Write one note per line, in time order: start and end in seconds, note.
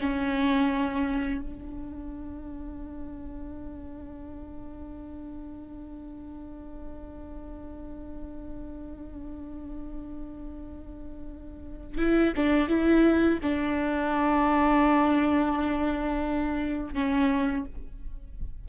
0.00 1.41 C#4
1.41 11.97 D4
11.97 12.33 E4
12.36 12.68 D4
12.68 13.39 E4
13.42 16.94 D4
16.94 17.64 C#4